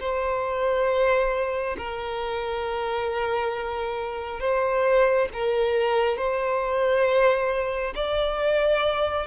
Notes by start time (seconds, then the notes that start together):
0.00 C5
1.78 A#4
4.40 C5
5.33 A#4
6.17 C5
7.95 D5